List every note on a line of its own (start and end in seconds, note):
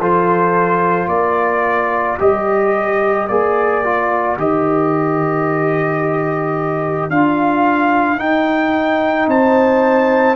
0.00 1.07 F3
0.00 2.19 F4
0.00 1.10 A4
0.00 1.09 C5
1.07 2.17 A#3
1.07 9.28 A#4
1.07 2.18 D5
2.19 3.29 G3
2.19 3.28 G4
2.19 3.28 D#5
3.28 4.37 A#3
3.28 3.85 G#4
3.28 4.37 D5
3.85 4.38 F4
4.37 7.10 D#3
4.37 7.11 G4
4.37 7.11 D#5
7.10 8.19 D4
7.10 8.19 F4
7.10 8.20 F5
8.19 10.36 D#4
8.19 9.27 D#4
8.19 9.29 G5
9.27 10.36 C4
9.27 10.36 C5
9.27 10.36 A5